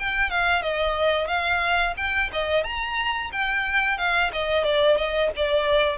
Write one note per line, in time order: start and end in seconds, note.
0.00 0.31 G5
0.31 0.63 F5
0.63 1.28 D#5
1.28 1.95 F5
1.97 2.31 G5
2.33 2.64 D#5
2.64 3.31 A#5
3.32 3.98 G5
3.98 4.32 F5
4.33 4.65 D#5
4.65 4.97 D5
4.97 5.31 D#5
5.37 5.98 D5